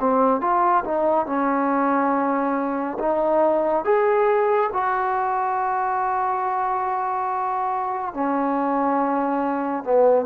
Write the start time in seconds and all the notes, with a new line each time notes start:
0.00 C4
0.41 F4
0.85 D#4
1.27 C#4
2.99 D#4
3.85 G#4
4.73 F#4
8.14 C#4
9.84 B3